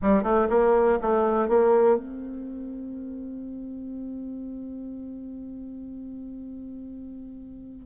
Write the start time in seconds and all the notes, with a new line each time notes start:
0.01 G3
0.23 A3
0.49 A#3
1.01 A3
1.48 A#3
1.96 C4